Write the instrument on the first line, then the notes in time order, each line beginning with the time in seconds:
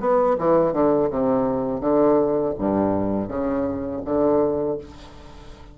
bassoon
0.00 B3
0.38 E3
0.73 D3
1.10 C3
1.80 D3
2.58 G2
3.28 C#3
4.05 D3